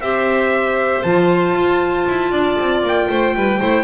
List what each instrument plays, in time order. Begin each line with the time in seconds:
0.00 double bass C4, clarinet G4, violin C5, trumpet E5
1.02 double bass F3, clarinet F4, trumpet A5
1.54 double bass F4
2.08 double bass E4
2.30 double bass D4, violin D5
2.59 double bass C4
2.82 double bass A#3, trumpet G5
3.09 double bass A3, violin C5
3.35 double bass G3, violin B4
3.58 double bass A3, clarinet E4, violin C5